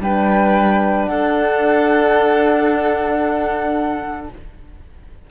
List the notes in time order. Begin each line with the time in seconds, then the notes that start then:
0.00 G3 D4 B4 G5
1.06 D4 A4 F#5